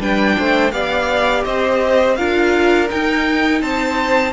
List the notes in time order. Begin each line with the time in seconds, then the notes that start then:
0.00 G3 D4 B4 G5
0.37 A3 C5
0.71 B3 G4 D5 F5
1.44 C4 C5 D#5
2.15 D4 F4 A#4 F5
2.87 D#4 G5
2.93 D#4
3.61 C4 C5 A5